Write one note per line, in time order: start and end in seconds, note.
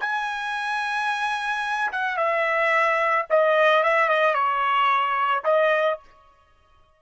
0.00 1.91 G#5
1.92 2.17 F#5
2.17 3.26 E5
3.30 3.83 D#5
3.83 4.08 E5
4.08 4.34 D#5
4.34 5.43 C#5
5.44 5.99 D#5